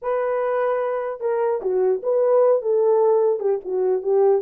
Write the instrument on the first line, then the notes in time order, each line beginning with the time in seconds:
horn
0.01 B4
1.20 A#4
1.61 F#4
2.02 B4
2.61 A4
3.39 G4
3.64 F#4
4.02 G4